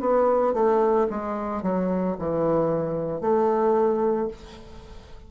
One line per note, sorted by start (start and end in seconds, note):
0.00 0.53 B3
0.53 1.07 A3
1.10 1.62 G#3
1.62 2.16 F#3
2.19 3.20 E3
3.20 4.28 A3